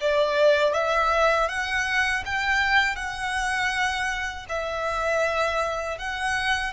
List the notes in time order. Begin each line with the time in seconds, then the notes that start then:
0.00 D5
0.73 E5
1.48 F#5
2.25 G5
2.96 F#5
4.49 E5
5.98 F#5